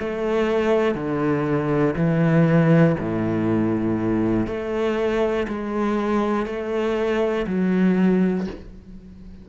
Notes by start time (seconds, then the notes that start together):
0.00 A3
0.95 D3
1.96 E3
3.00 A2
4.47 A3
5.48 G#3
6.46 A3
7.47 F#3